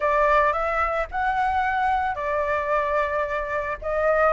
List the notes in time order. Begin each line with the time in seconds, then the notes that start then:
0.00 D5
0.52 E5
1.11 F#5
2.15 D5
3.81 D#5